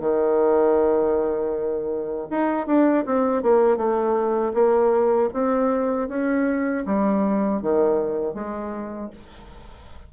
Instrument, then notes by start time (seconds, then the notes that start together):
bassoon
0.00 D#3
2.30 D#4
2.67 D4
3.06 C4
3.42 A#3
3.77 A3
4.54 A#3
5.33 C4
6.09 C#4
6.86 G3
7.62 D#3
8.34 G#3